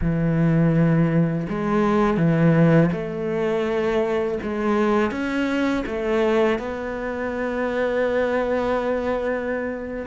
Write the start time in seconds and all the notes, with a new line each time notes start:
0.01 E3
1.49 G#3
2.17 E3
2.92 A3
4.43 G#3
5.11 C#4
5.86 A3
6.58 B3